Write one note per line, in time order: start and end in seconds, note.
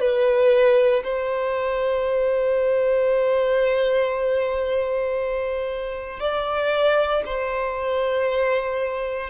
0.00 1.03 B4
1.03 6.19 C5
6.19 7.23 D5
7.26 9.30 C5